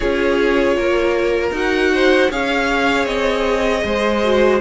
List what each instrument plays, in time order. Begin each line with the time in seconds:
0.00 cello C#4, viola F4, violin G#4 C#5
0.76 cello A#3, violin A#4
1.51 cello D#4, viola F#4, violin F#5
1.94 violin C5
2.30 cello C#4, viola G#4, violin C#5 F5
3.05 cello C4, violin D#5
3.84 cello G#3, violin C5
4.23 viola F#4